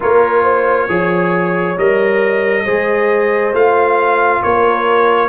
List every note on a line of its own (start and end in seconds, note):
0.00 0.88 A#3
0.00 0.88 F4
0.00 0.42 A#4
0.00 1.78 C#5
0.42 0.87 C5
0.88 1.76 F3
0.88 1.76 G#4
0.88 2.64 C#5
1.77 2.65 G3
1.77 2.65 A#4
1.77 3.54 D#5
2.64 3.52 G#3
2.64 3.53 G#4
2.64 4.41 C5
3.52 4.40 A3
3.52 5.28 F4
3.52 4.42 F5
4.42 5.28 A#3
4.42 5.28 A#4
4.42 5.28 C#5